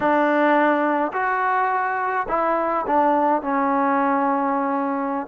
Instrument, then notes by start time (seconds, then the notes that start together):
trombone
0.00 D4
1.12 F#4
2.28 E4
2.86 D4
3.42 C#4